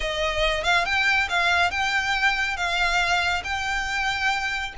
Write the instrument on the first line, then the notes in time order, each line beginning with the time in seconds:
violin
0.00 D#5
0.63 F5
0.85 G5
1.29 F5
1.71 G5
2.56 F5
3.44 G5